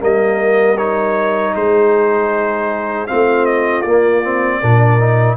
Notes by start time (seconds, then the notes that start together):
0.00 G3 A#3 A#4 D#5
0.78 D#4 C#5
1.54 G#3 G#4 C5
3.08 A3 C4 F4 F5
3.46 D#5
3.82 A#3 D5
4.24 C4
4.61 A#2 D4 A#4
5.00 D#4